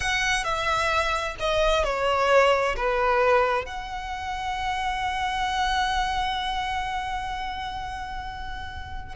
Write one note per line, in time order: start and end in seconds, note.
0.00 0.44 F#5
0.44 1.35 E5
1.39 1.84 D#5
1.84 2.75 C#5
2.76 3.65 B4
3.65 9.15 F#5